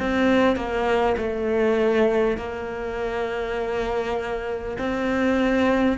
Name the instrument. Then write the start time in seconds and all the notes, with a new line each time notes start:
cello
0.00 C4
0.56 A#3
1.18 A3
2.38 A#3
4.79 C4